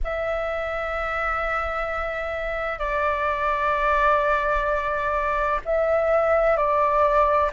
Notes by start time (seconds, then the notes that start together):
0.03 E5
2.79 D5
5.65 E5
6.56 D5